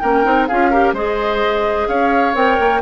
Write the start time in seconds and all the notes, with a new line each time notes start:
0.00 A#3 C#4 A#4 G5
0.24 C4 D#4
0.47 C#4 F4 G#4 F5
0.71 G4 A#4
0.93 G#3 G#4 C5 D#5
1.88 C#4 C#5 F5
2.35 C4 A#4 G5
2.60 A#3